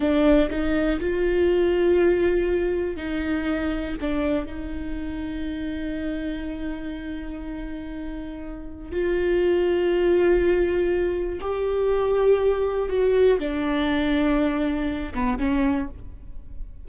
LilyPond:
\new Staff \with { instrumentName = "viola" } { \time 4/4 \tempo 4 = 121 d'4 dis'4 f'2~ | f'2 dis'2 | d'4 dis'2.~ | dis'1~ |
dis'2 f'2~ | f'2. g'4~ | g'2 fis'4 d'4~ | d'2~ d'8 b8 cis'4 | }